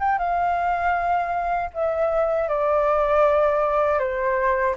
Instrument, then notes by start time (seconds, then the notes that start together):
flute
0.00 G5
0.19 F5
1.74 E5
2.49 D5
4.00 C5